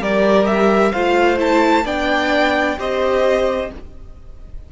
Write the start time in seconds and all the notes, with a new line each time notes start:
0.00 G3 G4 A#4 D5
0.47 E5
0.92 A3 F4 C5 F5
1.38 E4 A5
1.85 B3 D4 D5 G5
2.78 C4 G4 C5 D#5